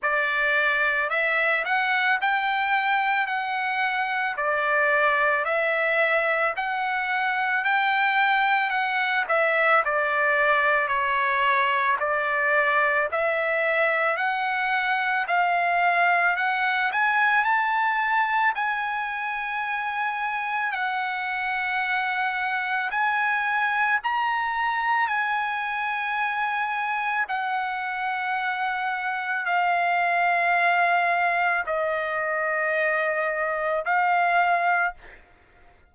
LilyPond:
\new Staff \with { instrumentName = "trumpet" } { \time 4/4 \tempo 4 = 55 d''4 e''8 fis''8 g''4 fis''4 | d''4 e''4 fis''4 g''4 | fis''8 e''8 d''4 cis''4 d''4 | e''4 fis''4 f''4 fis''8 gis''8 |
a''4 gis''2 fis''4~ | fis''4 gis''4 ais''4 gis''4~ | gis''4 fis''2 f''4~ | f''4 dis''2 f''4 | }